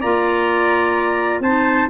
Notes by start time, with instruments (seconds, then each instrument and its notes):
0.00 tuba A#3, clarinet F4, trumpet D5 A#5
1.40 tuba C4, clarinet D#4, trumpet C5 A5